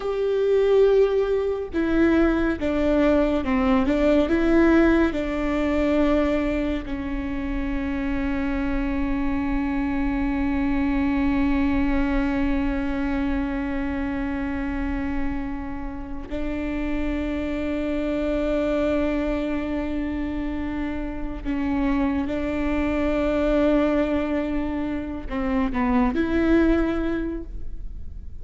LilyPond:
\new Staff \with { instrumentName = "viola" } { \time 4/4 \tempo 4 = 70 g'2 e'4 d'4 | c'8 d'8 e'4 d'2 | cis'1~ | cis'1~ |
cis'2. d'4~ | d'1~ | d'4 cis'4 d'2~ | d'4. c'8 b8 e'4. | }